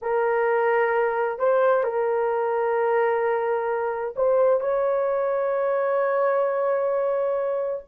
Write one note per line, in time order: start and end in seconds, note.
0.01 1.38 A#4
1.38 1.83 C5
1.83 4.14 A#4
4.15 4.60 C5
4.60 7.83 C#5